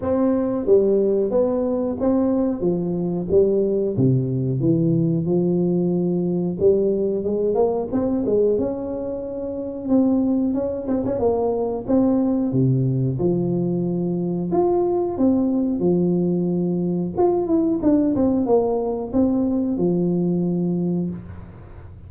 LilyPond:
\new Staff \with { instrumentName = "tuba" } { \time 4/4 \tempo 4 = 91 c'4 g4 b4 c'4 | f4 g4 c4 e4 | f2 g4 gis8 ais8 | c'8 gis8 cis'2 c'4 |
cis'8 c'16 cis'16 ais4 c'4 c4 | f2 f'4 c'4 | f2 f'8 e'8 d'8 c'8 | ais4 c'4 f2 | }